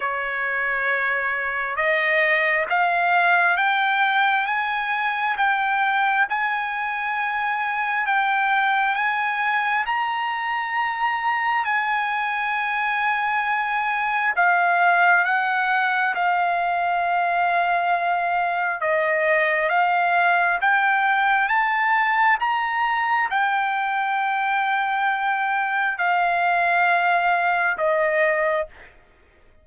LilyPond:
\new Staff \with { instrumentName = "trumpet" } { \time 4/4 \tempo 4 = 67 cis''2 dis''4 f''4 | g''4 gis''4 g''4 gis''4~ | gis''4 g''4 gis''4 ais''4~ | ais''4 gis''2. |
f''4 fis''4 f''2~ | f''4 dis''4 f''4 g''4 | a''4 ais''4 g''2~ | g''4 f''2 dis''4 | }